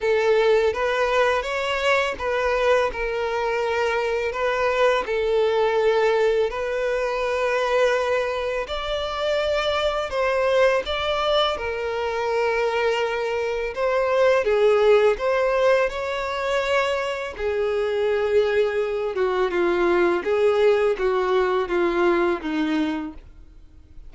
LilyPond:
\new Staff \with { instrumentName = "violin" } { \time 4/4 \tempo 4 = 83 a'4 b'4 cis''4 b'4 | ais'2 b'4 a'4~ | a'4 b'2. | d''2 c''4 d''4 |
ais'2. c''4 | gis'4 c''4 cis''2 | gis'2~ gis'8 fis'8 f'4 | gis'4 fis'4 f'4 dis'4 | }